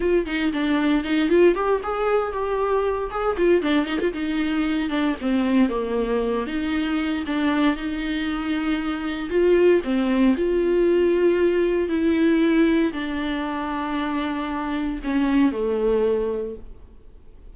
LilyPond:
\new Staff \with { instrumentName = "viola" } { \time 4/4 \tempo 4 = 116 f'8 dis'8 d'4 dis'8 f'8 g'8 gis'8~ | gis'8 g'4. gis'8 f'8 d'8 dis'16 f'16 | dis'4. d'8 c'4 ais4~ | ais8 dis'4. d'4 dis'4~ |
dis'2 f'4 c'4 | f'2. e'4~ | e'4 d'2.~ | d'4 cis'4 a2 | }